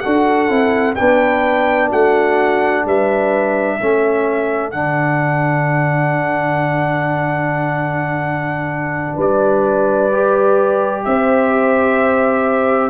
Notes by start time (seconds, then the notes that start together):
0.00 D4 F#4 A4 F#5
0.49 C4 E4
0.95 B3 D4 B4 G5
1.89 A3 F#4 F#5
2.85 G3 B4 E5
3.78 A3 C#4 A4
4.71 D3 D4 F#5
9.15 G3 B4 D5
10.12 G4
11.04 C4 C5 E5